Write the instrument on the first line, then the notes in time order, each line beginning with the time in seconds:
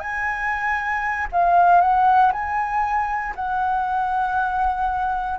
flute
0.00 G#5
1.33 F5
1.81 F#5
2.33 G#5
3.36 F#5